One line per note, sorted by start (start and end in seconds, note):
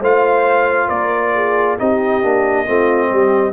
0.00 0.89 A3
0.00 1.78 F4
0.00 0.88 C5
0.00 0.90 F5
0.88 1.78 A#3
0.88 1.32 A#4
0.88 1.78 D5
1.35 1.79 G#4
1.78 2.24 C4
1.78 2.22 D#4
1.78 2.67 G4
1.78 3.53 D#5
2.22 2.68 A#3
2.22 2.66 D4
2.66 3.11 A3
2.66 3.53 C4
2.66 3.10 F4
3.10 3.53 G3
3.10 3.53 G4